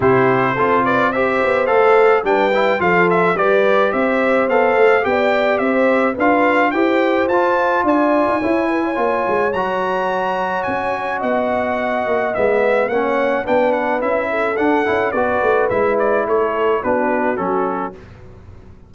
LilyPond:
<<
  \new Staff \with { instrumentName = "trumpet" } { \time 4/4 \tempo 4 = 107 c''4. d''8 e''4 f''4 | g''4 f''8 e''8 d''4 e''4 | f''4 g''4 e''4 f''4 | g''4 a''4 gis''2~ |
gis''4 ais''2 gis''4 | fis''2 e''4 fis''4 | g''8 fis''8 e''4 fis''4 d''4 | e''8 d''8 cis''4 b'4 a'4 | }
  \new Staff \with { instrumentName = "horn" } { \time 4/4 g'4 a'8 b'8 c''2 | b'4 a'4 b'4 c''4~ | c''4 d''4 c''4 b'4 | c''2 d''4 cis''8 b'16 cis''16~ |
cis''1 | dis''2. cis''4 | b'4. a'4. b'4~ | b'4 a'4 fis'2 | }
  \new Staff \with { instrumentName = "trombone" } { \time 4/4 e'4 f'4 g'4 a'4 | d'8 e'8 f'4 g'2 | a'4 g'2 f'4 | g'4 f'2 e'4 |
f'4 fis'2.~ | fis'2 b4 cis'4 | d'4 e'4 d'8 e'8 fis'4 | e'2 d'4 cis'4 | }
  \new Staff \with { instrumentName = "tuba" } { \time 4/4 c4 c'4. b8 a4 | g4 f4 g4 c'4 | b8 a8 b4 c'4 d'4 | e'4 f'4 d'8. dis'16 e'4 |
ais8 gis8 fis2 cis'4 | b4. ais8 gis4 ais4 | b4 cis'4 d'8 cis'8 b8 a8 | gis4 a4 b4 fis4 | }
>>